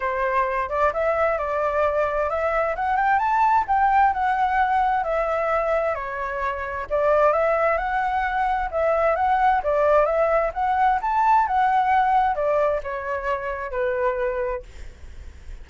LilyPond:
\new Staff \with { instrumentName = "flute" } { \time 4/4 \tempo 4 = 131 c''4. d''8 e''4 d''4~ | d''4 e''4 fis''8 g''8 a''4 | g''4 fis''2 e''4~ | e''4 cis''2 d''4 |
e''4 fis''2 e''4 | fis''4 d''4 e''4 fis''4 | a''4 fis''2 d''4 | cis''2 b'2 | }